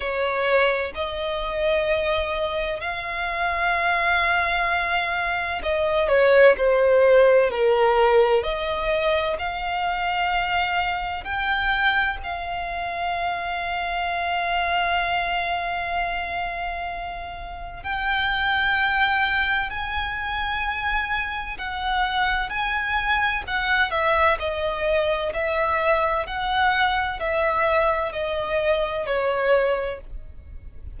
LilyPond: \new Staff \with { instrumentName = "violin" } { \time 4/4 \tempo 4 = 64 cis''4 dis''2 f''4~ | f''2 dis''8 cis''8 c''4 | ais'4 dis''4 f''2 | g''4 f''2.~ |
f''2. g''4~ | g''4 gis''2 fis''4 | gis''4 fis''8 e''8 dis''4 e''4 | fis''4 e''4 dis''4 cis''4 | }